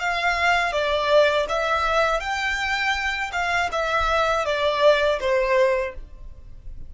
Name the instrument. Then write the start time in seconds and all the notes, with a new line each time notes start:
violin
0.00 F5
0.72 D5
1.49 E5
2.20 G5
3.32 F5
3.72 E5
4.46 D5
5.20 C5